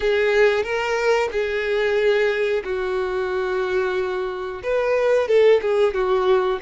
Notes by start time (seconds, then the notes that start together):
0.00 G#4
0.63 A#4
1.31 G#4
2.64 F#4
4.63 B4
5.27 A4
5.61 G#4
5.93 F#4